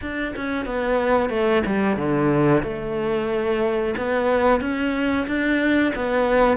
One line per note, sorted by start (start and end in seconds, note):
0.01 0.34 D4
0.35 0.65 C#4
0.65 1.29 B3
1.29 1.62 A3
1.65 1.97 G3
1.97 2.63 D3
2.63 3.94 A3
3.97 4.60 B3
4.60 5.26 C#4
5.27 5.93 D4
5.95 6.57 B3